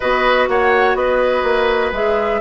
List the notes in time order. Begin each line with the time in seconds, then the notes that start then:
0.00 B3 F#4 B4 D#5
0.48 A#3 C#5 F#5
0.94 B3 B4 D#5
1.43 A#3
1.92 G#3 G#4 E5